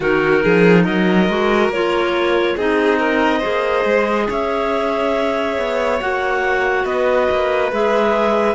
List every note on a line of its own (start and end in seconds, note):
0.00 0.43 D#3
0.00 1.29 D#4
0.00 0.42 F#4
0.00 0.84 A#4
0.42 0.87 F3
0.42 0.83 G#4
0.83 1.29 F#3
0.83 2.54 A#4
0.83 1.70 D#5
1.29 1.69 G#3
1.29 1.71 F#4
1.69 2.55 A#3
1.69 2.58 F4
1.69 2.57 C#5
2.56 3.42 C4
2.56 3.41 D#4
2.56 2.99 G#4
2.56 4.29 D#5
2.99 3.38 A#4
3.38 5.98 G#4
3.38 4.24 C5
3.45 3.84 A#3
3.84 4.27 G#3
4.29 5.57 C#4
4.29 6.85 C#5
4.29 6.00 E5
5.57 6.00 B3
6.00 6.84 A#3
6.00 7.71 F#4
6.00 6.85 F#5
6.84 7.27 B3
6.84 8.54 B4
6.84 7.71 D#5
7.31 7.72 A#3
7.72 8.54 G#3
7.72 8.54 G#4
7.72 8.54 E5